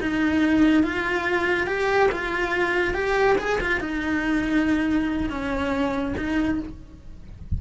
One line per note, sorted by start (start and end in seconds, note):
0.00 0.83 D#4
0.83 1.67 F4
1.67 2.09 G4
2.11 2.94 F4
2.94 3.36 G4
3.38 3.59 G#4
3.60 3.80 F4
3.80 5.29 D#4
5.29 6.15 C#4
6.17 6.59 D#4